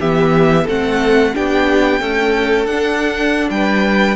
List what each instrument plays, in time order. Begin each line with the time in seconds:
0.00 cello E3, viola B3, violin G4 E5
0.64 cello A3, viola C4, violin A4 F#5
1.34 cello B3, viola D4, violin G4 G5
2.00 viola A3, cello C#4, violin A4
2.66 cello D4, viola D4, violin F#5
3.50 cello G3, violin B4 G5